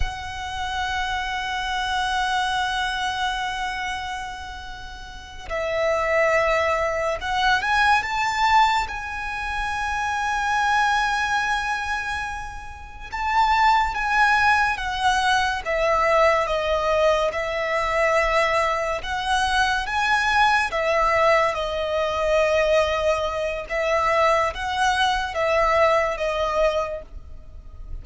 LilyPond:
\new Staff \with { instrumentName = "violin" } { \time 4/4 \tempo 4 = 71 fis''1~ | fis''2~ fis''8 e''4.~ | e''8 fis''8 gis''8 a''4 gis''4.~ | gis''2.~ gis''8 a''8~ |
a''8 gis''4 fis''4 e''4 dis''8~ | dis''8 e''2 fis''4 gis''8~ | gis''8 e''4 dis''2~ dis''8 | e''4 fis''4 e''4 dis''4 | }